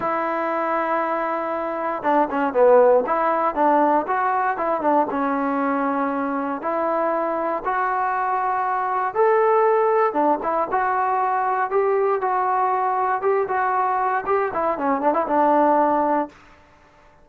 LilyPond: \new Staff \with { instrumentName = "trombone" } { \time 4/4 \tempo 4 = 118 e'1 | d'8 cis'8 b4 e'4 d'4 | fis'4 e'8 d'8 cis'2~ | cis'4 e'2 fis'4~ |
fis'2 a'2 | d'8 e'8 fis'2 g'4 | fis'2 g'8 fis'4. | g'8 e'8 cis'8 d'16 e'16 d'2 | }